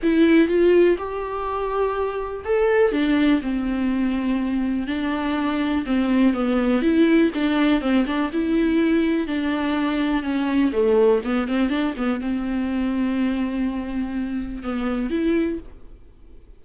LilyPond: \new Staff \with { instrumentName = "viola" } { \time 4/4 \tempo 4 = 123 e'4 f'4 g'2~ | g'4 a'4 d'4 c'4~ | c'2 d'2 | c'4 b4 e'4 d'4 |
c'8 d'8 e'2 d'4~ | d'4 cis'4 a4 b8 c'8 | d'8 b8 c'2.~ | c'2 b4 e'4 | }